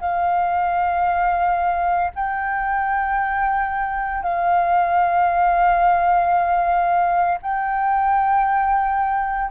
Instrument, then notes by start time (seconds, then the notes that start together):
flute
0.00 F5
2.15 G5
4.22 F5
7.42 G5